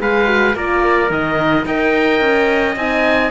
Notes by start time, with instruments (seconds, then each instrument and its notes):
0.00 cello G#3, horn G#4, trumpet B4, oboe F5
0.27 horn F#4
0.55 cello A#3, horn F4, trumpet A#4, oboe D5
1.10 cello D#3, horn D#4, oboe D#5
1.66 cello D#4, horn A#4, trumpet D#5, oboe G5
2.21 cello C#4
2.76 cello C4, horn D#4, oboe G#5